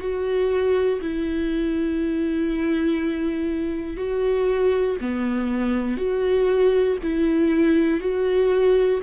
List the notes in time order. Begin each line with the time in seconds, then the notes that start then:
0.00 F#4
1.01 E4
3.97 F#4
5.01 B3
5.97 F#4
7.03 E4
8.00 F#4